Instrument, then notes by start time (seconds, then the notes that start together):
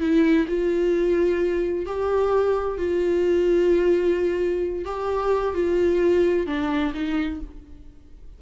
viola
0.00 E4
0.48 F4
1.86 G4
2.78 F4
4.85 G4
5.54 F4
6.46 D4
6.94 D#4